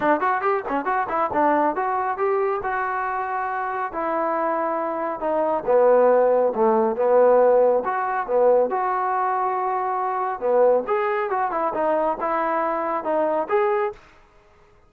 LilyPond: \new Staff \with { instrumentName = "trombone" } { \time 4/4 \tempo 4 = 138 d'8 fis'8 g'8 cis'8 fis'8 e'8 d'4 | fis'4 g'4 fis'2~ | fis'4 e'2. | dis'4 b2 a4 |
b2 fis'4 b4 | fis'1 | b4 gis'4 fis'8 e'8 dis'4 | e'2 dis'4 gis'4 | }